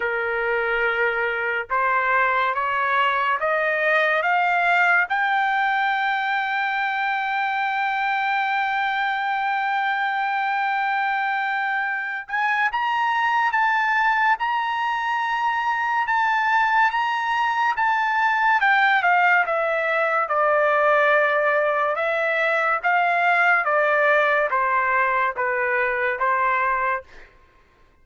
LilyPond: \new Staff \with { instrumentName = "trumpet" } { \time 4/4 \tempo 4 = 71 ais'2 c''4 cis''4 | dis''4 f''4 g''2~ | g''1~ | g''2~ g''8 gis''8 ais''4 |
a''4 ais''2 a''4 | ais''4 a''4 g''8 f''8 e''4 | d''2 e''4 f''4 | d''4 c''4 b'4 c''4 | }